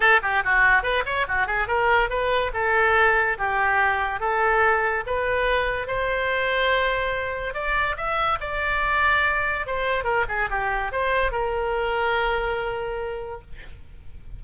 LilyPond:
\new Staff \with { instrumentName = "oboe" } { \time 4/4 \tempo 4 = 143 a'8 g'8 fis'4 b'8 cis''8 fis'8 gis'8 | ais'4 b'4 a'2 | g'2 a'2 | b'2 c''2~ |
c''2 d''4 e''4 | d''2. c''4 | ais'8 gis'8 g'4 c''4 ais'4~ | ais'1 | }